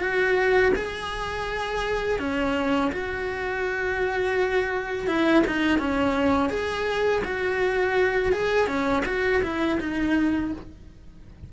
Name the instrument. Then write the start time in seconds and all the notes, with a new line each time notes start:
cello
0.00 F#4
0.75 G#4
2.19 C#4
2.92 F#4
5.07 E4
5.46 D#4
5.79 C#4
6.50 G#4
7.24 F#4
8.32 G#4
8.67 C#4
9.06 F#4
9.43 E4
9.80 D#4